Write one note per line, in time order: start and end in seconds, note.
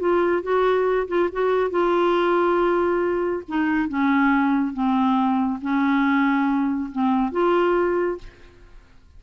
0.00 0.43 F4
0.43 1.08 F#4
1.08 1.30 F4
1.32 1.71 F#4
1.71 3.43 F4
3.48 3.89 D#4
3.89 4.73 C#4
4.73 5.60 C4
5.62 6.91 C#4
6.92 7.32 C4
7.32 8.19 F4